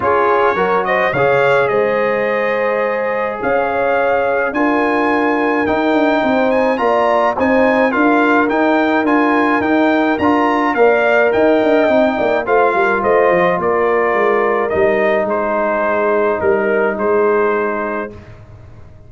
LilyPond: <<
  \new Staff \with { instrumentName = "trumpet" } { \time 4/4 \tempo 4 = 106 cis''4. dis''8 f''4 dis''4~ | dis''2 f''2 | gis''2 g''4. gis''8 | ais''4 gis''4 f''4 g''4 |
gis''4 g''4 ais''4 f''4 | g''2 f''4 dis''4 | d''2 dis''4 c''4~ | c''4 ais'4 c''2 | }
  \new Staff \with { instrumentName = "horn" } { \time 4/4 gis'4 ais'8 c''8 cis''4 c''4~ | c''2 cis''2 | ais'2. c''4 | d''4 c''4 ais'2~ |
ais'2. d''4 | dis''4. d''8 c''8 ais'8 c''4 | ais'2. gis'4~ | gis'4 ais'4 gis'2 | }
  \new Staff \with { instrumentName = "trombone" } { \time 4/4 f'4 fis'4 gis'2~ | gis'1 | f'2 dis'2 | f'4 dis'4 f'4 dis'4 |
f'4 dis'4 f'4 ais'4~ | ais'4 dis'4 f'2~ | f'2 dis'2~ | dis'1 | }
  \new Staff \with { instrumentName = "tuba" } { \time 4/4 cis'4 fis4 cis4 gis4~ | gis2 cis'2 | d'2 dis'8 d'8 c'4 | ais4 c'4 d'4 dis'4 |
d'4 dis'4 d'4 ais4 | dis'8 d'8 c'8 ais8 a8 g8 a8 f8 | ais4 gis4 g4 gis4~ | gis4 g4 gis2 | }
>>